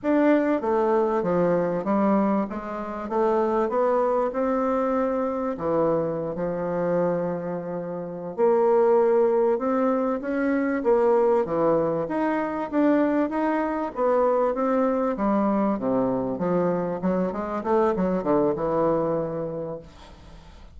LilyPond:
\new Staff \with { instrumentName = "bassoon" } { \time 4/4 \tempo 4 = 97 d'4 a4 f4 g4 | gis4 a4 b4 c'4~ | c'4 e4~ e16 f4.~ f16~ | f4. ais2 c'8~ |
c'8 cis'4 ais4 e4 dis'8~ | dis'8 d'4 dis'4 b4 c'8~ | c'8 g4 c4 f4 fis8 | gis8 a8 fis8 d8 e2 | }